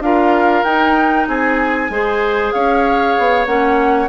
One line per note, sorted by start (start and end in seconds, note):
0.00 0.62 D4
0.00 0.65 F4
0.00 1.28 A#4
0.00 0.64 F5
0.64 1.27 D#4
0.64 1.90 D#4
0.64 1.26 G5
1.27 1.90 C4
1.27 1.91 G#4
1.27 2.52 G#5
1.90 2.52 G#3
1.90 3.46 G#4
1.90 2.54 C5
2.52 3.17 C#4
2.52 4.08 C#5
2.52 3.45 F5
3.19 3.46 B3
3.46 4.08 A#3
3.46 4.08 C#4
3.46 4.08 F#5